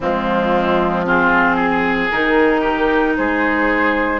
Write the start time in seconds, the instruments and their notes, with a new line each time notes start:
0.00 bassoon F3, clarinet G#3, oboe C4, flute F4
1.04 clarinet C4, oboe F4, flute G#4
1.56 oboe G#4
2.11 bassoon D#3, clarinet D#4, flute A#4
2.60 oboe G4
3.16 bassoon G#3, oboe G#4, flute C5